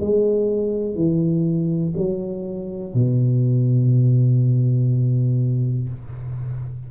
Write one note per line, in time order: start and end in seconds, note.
0.00 0.95 G#3
0.95 1.94 E3
1.97 2.94 F#3
2.94 5.89 B2